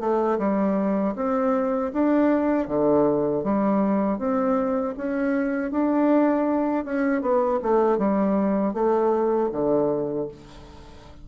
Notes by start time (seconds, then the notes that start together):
0.00 A3
0.38 G3
1.16 C4
1.93 D4
2.68 D3
3.43 G3
4.18 C4
4.97 C#4
5.71 D4
6.85 C#4
7.22 B3
7.63 A3
7.98 G3
8.73 A3
9.52 D3